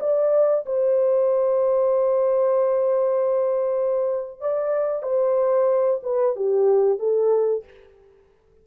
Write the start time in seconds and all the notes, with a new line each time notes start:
0.00 D5
0.66 C5
4.41 D5
5.03 C5
6.04 B4
6.36 G4
6.99 A4